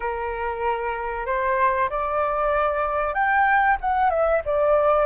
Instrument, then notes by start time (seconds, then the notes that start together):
flute
0.00 A#4
1.25 C5
1.89 D5
3.14 G5
3.81 F#5
4.10 E5
4.45 D5